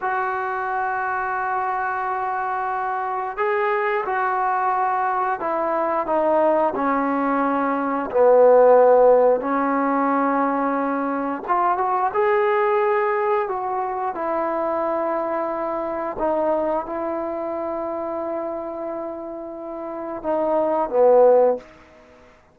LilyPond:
\new Staff \with { instrumentName = "trombone" } { \time 4/4 \tempo 4 = 89 fis'1~ | fis'4 gis'4 fis'2 | e'4 dis'4 cis'2 | b2 cis'2~ |
cis'4 f'8 fis'8 gis'2 | fis'4 e'2. | dis'4 e'2.~ | e'2 dis'4 b4 | }